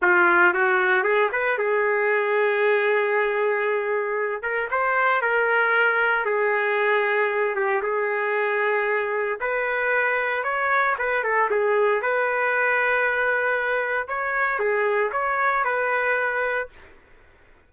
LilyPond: \new Staff \with { instrumentName = "trumpet" } { \time 4/4 \tempo 4 = 115 f'4 fis'4 gis'8 b'8 gis'4~ | gis'1~ | gis'8 ais'8 c''4 ais'2 | gis'2~ gis'8 g'8 gis'4~ |
gis'2 b'2 | cis''4 b'8 a'8 gis'4 b'4~ | b'2. cis''4 | gis'4 cis''4 b'2 | }